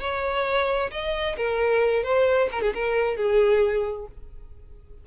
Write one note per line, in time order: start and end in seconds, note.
0.00 0.90 C#5
0.91 1.36 D#5
1.37 2.03 A#4
2.03 2.48 C5
2.52 2.62 A#4
2.62 2.73 G#4
2.74 3.17 A#4
3.17 4.07 G#4